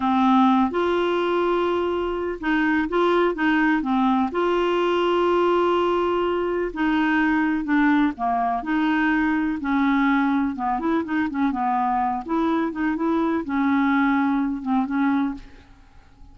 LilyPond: \new Staff \with { instrumentName = "clarinet" } { \time 4/4 \tempo 4 = 125 c'4. f'2~ f'8~ | f'4 dis'4 f'4 dis'4 | c'4 f'2.~ | f'2 dis'2 |
d'4 ais4 dis'2 | cis'2 b8 e'8 dis'8 cis'8 | b4. e'4 dis'8 e'4 | cis'2~ cis'8 c'8 cis'4 | }